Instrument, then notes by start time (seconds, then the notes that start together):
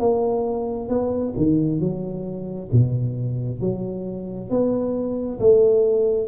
tuba
0.00 A#3
0.90 B3
1.38 D#3
1.80 F#3
2.72 B2
3.61 F#3
4.50 B3
5.40 A3